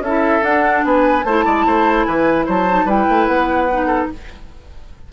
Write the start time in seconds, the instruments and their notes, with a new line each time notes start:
0.00 bassoon C#4, oboe A4, flute E5
0.07 clarinet E4
0.42 clarinet D4, bassoon D4, flute F#5
0.85 bassoon B3, oboe B4, flute G#5
1.24 bassoon A3, clarinet E4, oboe C5, flute A5
1.46 bassoon G#3, oboe D5
1.66 bassoon A3, oboe C5
2.05 bassoon E3, oboe B4, flute G#5
2.46 bassoon F#3, oboe C5, flute A5
2.70 clarinet D#4
2.86 bassoon G3, clarinet E4, oboe B4, flute G5
3.10 bassoon A3
3.27 bassoon B3, flute F#5
3.72 clarinet D#4
3.87 oboe A4